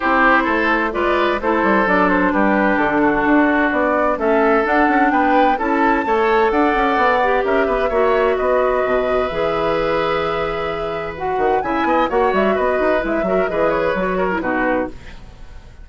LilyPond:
<<
  \new Staff \with { instrumentName = "flute" } { \time 4/4 \tempo 4 = 129 c''2 d''4 c''4 | d''8 c''8 b'4 a'2 | d''4 e''4 fis''4 g''4 | a''2 fis''2 |
e''2 dis''2 | e''1 | fis''4 gis''4 fis''8 e''8 dis''4 | e''4 dis''8 cis''4. b'4 | }
  \new Staff \with { instrumentName = "oboe" } { \time 4/4 g'4 a'4 b'4 a'4~ | a'4 g'4. fis'4.~ | fis'4 a'2 b'4 | a'4 cis''4 d''2 |
ais'8 b'8 cis''4 b'2~ | b'1~ | b'4 e''8 dis''8 cis''4 b'4~ | b'8 ais'8 b'4. ais'8 fis'4 | }
  \new Staff \with { instrumentName = "clarinet" } { \time 4/4 e'2 f'4 e'4 | d'1~ | d'4 cis'4 d'2 | e'4 a'2~ a'8 g'8~ |
g'4 fis'2. | gis'1 | fis'4 e'4 fis'2 | e'8 fis'8 gis'4 fis'8. e'16 dis'4 | }
  \new Staff \with { instrumentName = "bassoon" } { \time 4/4 c'4 a4 gis4 a8 g8 | fis4 g4 d4 d'4 | b4 a4 d'8 cis'8 b4 | cis'4 a4 d'8 cis'8 b4 |
cis'8 b8 ais4 b4 b,4 | e1~ | e8 dis8 cis8 b8 ais8 g8 b8 dis'8 | gis8 fis8 e4 fis4 b,4 | }
>>